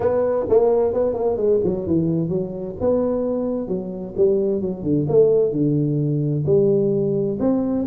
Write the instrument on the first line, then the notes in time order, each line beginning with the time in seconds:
tuba
0.00 B3
0.49 A#3
0.93 B3
1.13 A#3
1.36 G#3
1.64 F#3
1.86 E3
2.28 F#3
2.80 B3
3.68 F#3
4.16 G3
4.61 F#3
4.83 D3
5.09 A3
5.52 D3
6.46 G3
7.39 C4